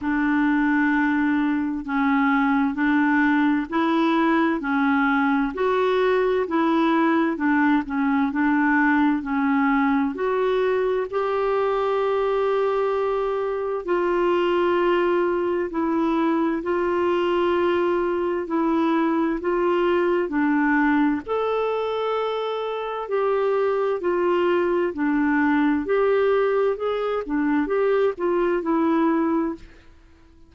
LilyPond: \new Staff \with { instrumentName = "clarinet" } { \time 4/4 \tempo 4 = 65 d'2 cis'4 d'4 | e'4 cis'4 fis'4 e'4 | d'8 cis'8 d'4 cis'4 fis'4 | g'2. f'4~ |
f'4 e'4 f'2 | e'4 f'4 d'4 a'4~ | a'4 g'4 f'4 d'4 | g'4 gis'8 d'8 g'8 f'8 e'4 | }